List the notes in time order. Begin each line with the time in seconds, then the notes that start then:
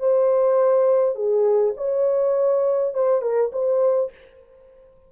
0.00 C5
1.15 G#4
1.77 C#5
2.94 C5
3.22 A#4
3.52 C5